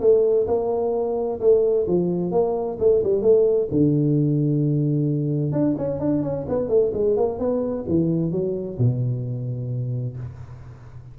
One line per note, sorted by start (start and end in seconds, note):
0.00 0.46 A3
0.47 1.39 A#3
1.40 1.86 A3
1.87 2.31 F3
2.31 2.77 A#3
2.79 3.02 A3
3.03 3.22 G3
3.22 3.68 A3
3.71 5.52 D3
5.52 5.75 D4
5.78 6.00 C#4
6.00 6.22 D4
6.22 6.46 C#4
6.48 6.68 B3
6.68 6.91 A3
6.93 7.16 G#3
7.16 7.39 A#3
7.39 7.85 B3
7.88 8.31 E3
8.31 8.77 F#3
8.78 10.16 B2